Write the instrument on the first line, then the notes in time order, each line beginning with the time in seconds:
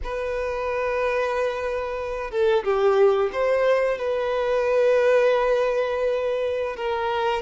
violin
0.03 B4
2.30 A4
2.64 G4
3.32 C5
3.98 B4
6.76 A#4